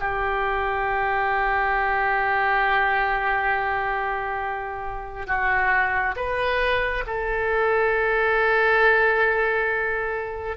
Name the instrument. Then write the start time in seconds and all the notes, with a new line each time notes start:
oboe
0.00 G4
5.27 F#4
6.16 B4
7.07 A4